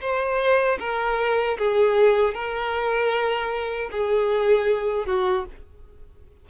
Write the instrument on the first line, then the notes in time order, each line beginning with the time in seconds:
violin
0.00 C5
0.79 A#4
1.58 G#4
2.34 A#4
3.91 G#4
5.06 F#4